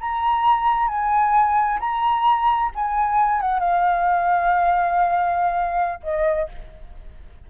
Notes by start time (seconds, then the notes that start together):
0.00 A#5
0.88 G#5
1.80 A#5
2.75 G#5
3.41 F#5
3.59 F5
6.03 D#5